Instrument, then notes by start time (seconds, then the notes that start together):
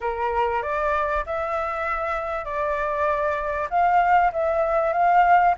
flute
0.01 A#4
0.62 D5
1.25 E5
2.44 D5
3.69 F5
4.32 E5
4.93 F5